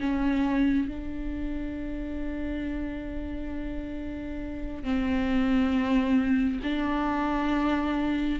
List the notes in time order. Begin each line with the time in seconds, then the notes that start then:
0.00 C#4
0.88 D4
4.84 C4
6.63 D4